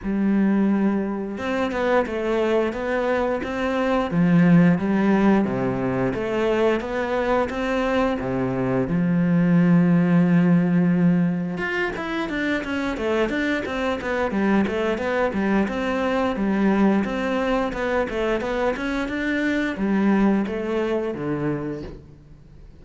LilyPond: \new Staff \with { instrumentName = "cello" } { \time 4/4 \tempo 4 = 88 g2 c'8 b8 a4 | b4 c'4 f4 g4 | c4 a4 b4 c'4 | c4 f2.~ |
f4 f'8 e'8 d'8 cis'8 a8 d'8 | c'8 b8 g8 a8 b8 g8 c'4 | g4 c'4 b8 a8 b8 cis'8 | d'4 g4 a4 d4 | }